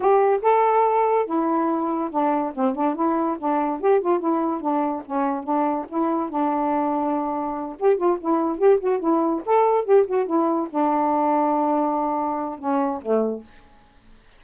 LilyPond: \new Staff \with { instrumentName = "saxophone" } { \time 4/4 \tempo 4 = 143 g'4 a'2 e'4~ | e'4 d'4 c'8 d'8 e'4 | d'4 g'8 f'8 e'4 d'4 | cis'4 d'4 e'4 d'4~ |
d'2~ d'8 g'8 f'8 e'8~ | e'8 g'8 fis'8 e'4 a'4 g'8 | fis'8 e'4 d'2~ d'8~ | d'2 cis'4 a4 | }